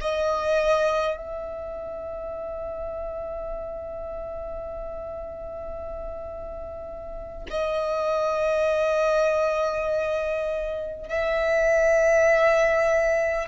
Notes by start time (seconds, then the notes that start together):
0.00 D#5
1.16 E5
7.50 D#5
11.08 E5